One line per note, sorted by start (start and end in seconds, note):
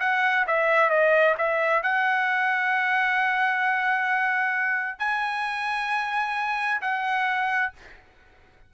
0.00 0.45 F#5
0.48 0.90 E5
0.90 1.36 D#5
1.38 1.83 E5
1.83 4.99 F#5
4.99 6.81 G#5
6.82 7.73 F#5